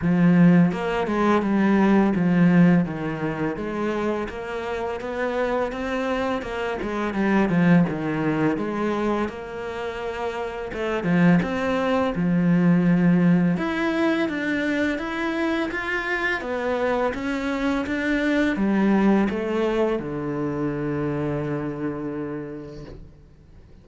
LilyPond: \new Staff \with { instrumentName = "cello" } { \time 4/4 \tempo 4 = 84 f4 ais8 gis8 g4 f4 | dis4 gis4 ais4 b4 | c'4 ais8 gis8 g8 f8 dis4 | gis4 ais2 a8 f8 |
c'4 f2 e'4 | d'4 e'4 f'4 b4 | cis'4 d'4 g4 a4 | d1 | }